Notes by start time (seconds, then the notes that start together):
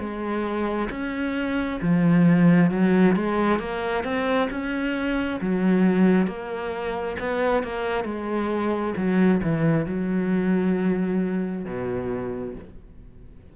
0.00 G#3
0.91 C#4
1.82 F3
2.72 F#3
3.16 G#3
3.60 A#3
4.05 C4
4.51 C#4
5.41 F#3
6.27 A#3
7.20 B3
7.64 A#3
8.05 G#3
8.97 F#3
9.44 E3
9.86 F#3
11.66 B2